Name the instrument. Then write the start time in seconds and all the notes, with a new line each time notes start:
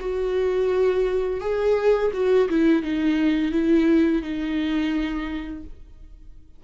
viola
0.00 F#4
1.41 G#4
2.14 F#4
2.50 E4
2.83 D#4
3.52 E4
4.23 D#4